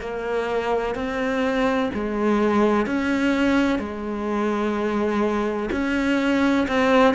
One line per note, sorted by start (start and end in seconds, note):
0.00 0.95 A#3
0.95 1.90 C4
1.94 2.86 G#3
2.86 3.79 C#4
3.79 5.69 G#3
5.71 6.67 C#4
6.68 7.14 C4